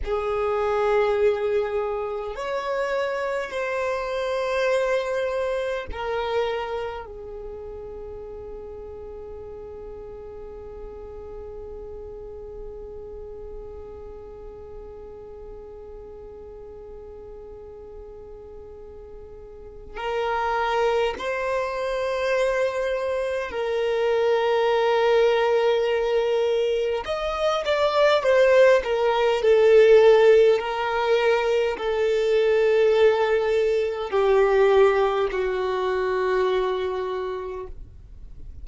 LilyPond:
\new Staff \with { instrumentName = "violin" } { \time 4/4 \tempo 4 = 51 gis'2 cis''4 c''4~ | c''4 ais'4 gis'2~ | gis'1~ | gis'1~ |
gis'4 ais'4 c''2 | ais'2. dis''8 d''8 | c''8 ais'8 a'4 ais'4 a'4~ | a'4 g'4 fis'2 | }